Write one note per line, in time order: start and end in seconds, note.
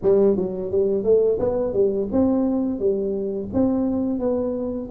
0.02 0.36 G3
0.36 0.71 F#3
0.71 1.03 G3
1.03 1.38 A3
1.39 1.73 B3
1.73 2.08 G3
2.12 2.79 C4
2.79 3.49 G3
3.53 4.19 C4
4.19 4.89 B3